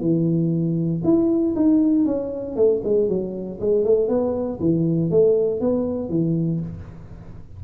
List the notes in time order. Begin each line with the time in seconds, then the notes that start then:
0.00 E3
1.04 E4
1.55 D#4
2.05 C#4
2.56 A3
2.84 G#3
3.08 F#3
3.60 G#3
3.84 A3
4.08 B3
4.59 E3
5.10 A3
5.60 B3
6.09 E3